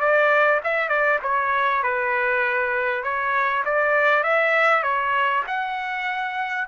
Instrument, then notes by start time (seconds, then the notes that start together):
trumpet
0.00 D5
0.64 E5
0.89 D5
1.23 C#5
1.83 B4
3.04 C#5
3.65 D5
4.24 E5
4.83 C#5
5.47 F#5